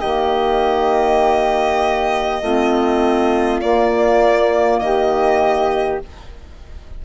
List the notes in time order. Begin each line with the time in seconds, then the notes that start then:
0.00 D#3 A#3 G4 D#5
2.42 A3 C4 F4
3.61 A#3 D5
4.79 D#3 G4 D#5